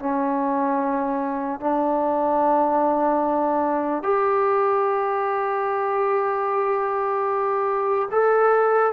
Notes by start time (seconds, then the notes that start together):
0.00 C#4
1.61 D4
4.04 G4
8.12 A4